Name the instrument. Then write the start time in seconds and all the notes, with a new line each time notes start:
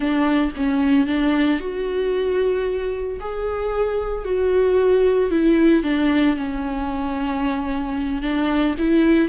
viola
0.00 D4
0.56 C#4
1.06 D4
1.60 F#4
3.20 G#4
4.25 F#4
5.30 E4
5.83 D4
6.36 C#4
8.22 D4
8.78 E4